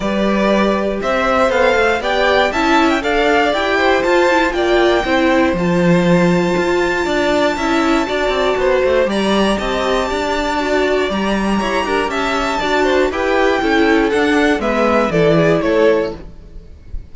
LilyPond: <<
  \new Staff \with { instrumentName = "violin" } { \time 4/4 \tempo 4 = 119 d''2 e''4 f''4 | g''4 a''8. g''16 f''4 g''4 | a''4 g''2 a''4~ | a''1~ |
a''2 ais''4 a''4~ | a''2 ais''2 | a''2 g''2 | fis''4 e''4 d''4 cis''4 | }
  \new Staff \with { instrumentName = "violin" } { \time 4/4 b'2 c''2 | d''4 e''4 d''4. c''8~ | c''4 d''4 c''2~ | c''2 d''4 e''4 |
d''4 c''4 d''4 dis''4 | d''2. cis''8 ais'8 | e''4 d''8 c''8 b'4 a'4~ | a'4 b'4 a'8 gis'8 a'4 | }
  \new Staff \with { instrumentName = "viola" } { \time 4/4 g'2. a'4 | g'4 e'4 a'4 g'4 | f'8 e'8 f'4 e'4 f'4~ | f'2. e'4 |
fis'2 g'2~ | g'4 fis'4 g'2~ | g'4 fis'4 g'4 e'4 | d'4 b4 e'2 | }
  \new Staff \with { instrumentName = "cello" } { \time 4/4 g2 c'4 b8 a8 | b4 cis'4 d'4 e'4 | f'4 ais4 c'4 f4~ | f4 f'4 d'4 cis'4 |
d'8 c'8 b8 a8 g4 c'4 | d'2 g4 e'8 d'8 | cis'4 d'4 e'4 cis'4 | d'4 gis4 e4 a4 | }
>>